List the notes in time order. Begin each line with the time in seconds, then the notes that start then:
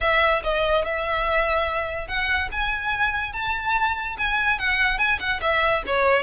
0.00 E5
0.43 D#5
0.84 E5
2.07 F#5
2.51 G#5
3.33 A5
4.18 G#5
4.58 F#5
4.98 G#5
5.19 F#5
5.41 E5
5.86 C#5